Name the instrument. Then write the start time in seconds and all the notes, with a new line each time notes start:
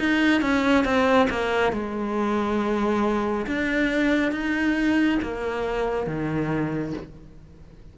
cello
0.00 D#4
0.42 C#4
0.85 C4
1.30 A#3
1.73 G#3
3.47 D4
4.32 D#4
5.23 A#3
6.07 D#3